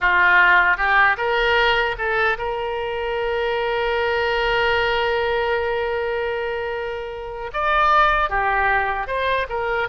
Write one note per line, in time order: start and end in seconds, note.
0.00 0.77 F4
0.77 1.16 G4
1.17 1.96 A#4
1.98 2.37 A4
2.38 7.51 A#4
7.53 8.29 D5
8.29 9.07 G4
9.07 9.46 C5
9.49 9.88 A#4